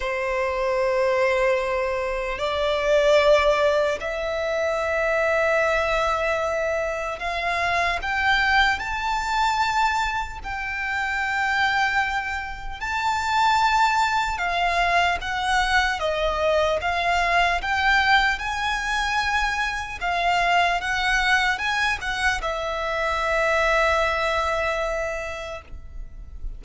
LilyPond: \new Staff \with { instrumentName = "violin" } { \time 4/4 \tempo 4 = 75 c''2. d''4~ | d''4 e''2.~ | e''4 f''4 g''4 a''4~ | a''4 g''2. |
a''2 f''4 fis''4 | dis''4 f''4 g''4 gis''4~ | gis''4 f''4 fis''4 gis''8 fis''8 | e''1 | }